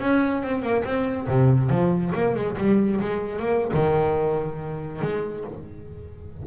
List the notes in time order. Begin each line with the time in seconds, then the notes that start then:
0.00 C#4
0.43 C4
0.62 A#3
0.84 C4
1.28 C3
1.69 F3
2.15 A#3
2.35 G#3
2.58 G3
3.01 G#3
3.39 A#3
3.73 D#3
5.01 G#3